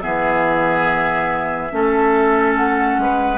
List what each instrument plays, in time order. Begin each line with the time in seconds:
0.00 bassoon E3, clarinet B3, oboe G#4, flute E5
1.71 bassoon A3, clarinet C#4, oboe A4
2.55 flute F#5
2.97 bassoon G#3, oboe B4